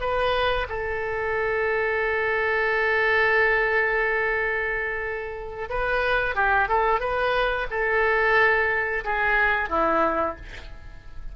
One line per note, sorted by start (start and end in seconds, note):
0.00 0.67 B4
0.68 5.68 A4
5.69 6.35 B4
6.35 6.68 G4
6.68 7.00 A4
7.00 7.66 B4
7.70 9.04 A4
9.04 9.69 G#4
9.69 10.36 E4